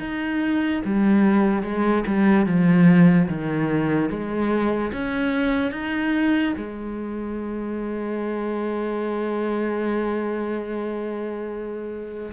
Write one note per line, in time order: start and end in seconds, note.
0.00 0.82 D#4
0.85 1.63 G3
1.63 2.04 G#3
2.07 2.46 G3
2.46 3.28 F3
3.29 4.10 D#3
4.10 4.92 G#3
4.93 5.72 C#4
5.72 6.54 D#4
6.57 12.33 G#3